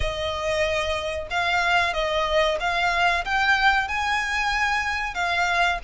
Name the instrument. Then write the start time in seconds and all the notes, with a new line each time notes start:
violin
0.00 D#5
1.30 F5
1.93 D#5
2.60 F5
3.25 G5
3.88 G#5
5.14 F5